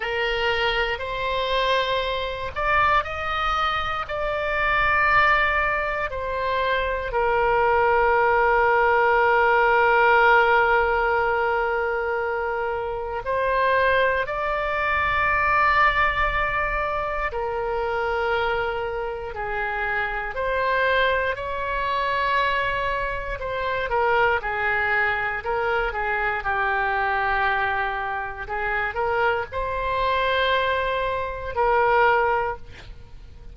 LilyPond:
\new Staff \with { instrumentName = "oboe" } { \time 4/4 \tempo 4 = 59 ais'4 c''4. d''8 dis''4 | d''2 c''4 ais'4~ | ais'1~ | ais'4 c''4 d''2~ |
d''4 ais'2 gis'4 | c''4 cis''2 c''8 ais'8 | gis'4 ais'8 gis'8 g'2 | gis'8 ais'8 c''2 ais'4 | }